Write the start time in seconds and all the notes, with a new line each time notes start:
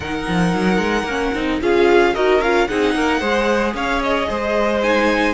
0.00 D#3 D#4 A#4 F#5
0.28 F3
0.54 F#3
0.78 G#3
1.03 A#3 C#4
1.34 C4 D#4
1.61 C#4 F4 G#4 F5
2.14 D#4 F#4 A#4 D#5
2.39 C#4 F4 F5
2.67 C4 D#4 G#4 F#5
2.94 A#3 A#4
3.19 G#3 G#4 C5
3.74 C#4 C#5 F5
4.03 D#5
4.28 G#3 C5
4.82 D#4 G#5